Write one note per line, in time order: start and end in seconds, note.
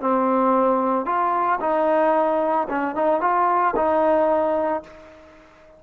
0.00 1.05 C4
1.05 1.59 F4
1.60 2.67 D#4
2.69 2.95 C#4
2.95 3.20 D#4
3.20 3.74 F4
3.76 4.83 D#4